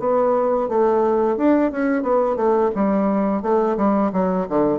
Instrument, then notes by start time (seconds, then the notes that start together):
bassoon
0.00 B3
0.69 A3
1.37 D4
1.72 C#4
2.03 B3
2.36 A3
2.76 G3
3.42 A3
3.77 G3
4.13 F#3
4.49 D3